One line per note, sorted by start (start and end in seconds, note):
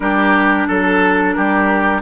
0.00 0.67 G3
0.00 2.01 D4
0.00 0.67 G4
0.00 0.67 A#4
0.67 1.36 F#3
0.67 1.35 A4
0.67 1.33 A4
1.33 2.01 G3
1.33 2.01 G4
1.33 2.00 A#4